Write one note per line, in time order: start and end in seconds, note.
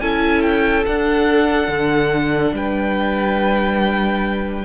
0.00 0.85 C#4
0.00 0.85 E4
0.00 2.54 A4
0.00 0.41 G#5
0.41 0.84 G5
0.86 4.65 D4
0.86 1.68 D4
0.86 2.55 F#5
1.68 2.52 D3
2.52 4.63 G3
2.52 4.65 B4
2.52 4.65 G5